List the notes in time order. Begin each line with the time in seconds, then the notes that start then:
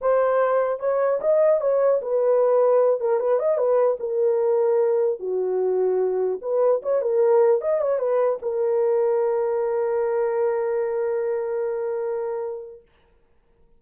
0.01 C5
0.79 C#5
1.20 D#5
1.60 C#5
2.01 B4
3.00 A#4
3.19 B4
3.39 D#5
3.57 B4
3.99 A#4
5.19 F#4
6.41 B4
6.82 C#5
7.01 A#4
7.61 D#5
7.81 C#5
7.98 B4
8.42 A#4